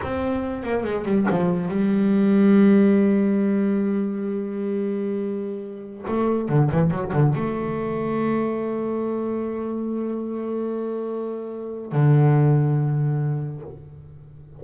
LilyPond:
\new Staff \with { instrumentName = "double bass" } { \time 4/4 \tempo 4 = 141 c'4. ais8 gis8 g8 f4 | g1~ | g1~ | g2~ g16 a4 d8 e16~ |
e16 fis8 d8 a2~ a8.~ | a1~ | a1 | d1 | }